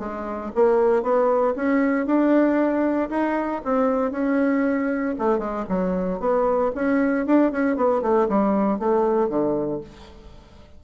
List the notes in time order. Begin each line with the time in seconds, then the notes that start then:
0.00 G#3
0.55 A#3
1.03 B3
1.56 C#4
2.06 D4
3.10 D#4
3.65 C4
4.12 C#4
5.19 A3
5.39 G#3
5.69 F#3
6.20 B3
6.75 C#4
7.27 D4
7.52 C#4
7.77 B3
8.02 A3
8.29 G3
8.80 A3
9.29 D3